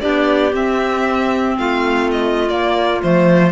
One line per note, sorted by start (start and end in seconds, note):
0.00 0.53 B3
0.00 0.52 D4
0.00 1.58 G4
0.00 0.53 D5
0.53 1.57 C4
0.53 2.49 C4
0.53 1.58 E5
1.58 2.49 A3
1.58 3.52 F4
1.58 2.10 F5
2.12 2.49 D#5
2.49 3.01 A#3
2.49 3.02 A#3
2.49 3.01 D5
3.02 3.52 F3
3.02 3.52 A3
3.02 3.52 C5